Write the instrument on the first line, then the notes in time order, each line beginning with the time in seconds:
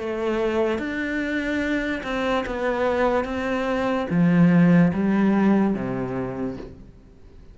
cello
0.00 A3
0.79 D4
2.04 C4
2.46 B3
3.25 C4
4.10 F3
4.94 G3
5.75 C3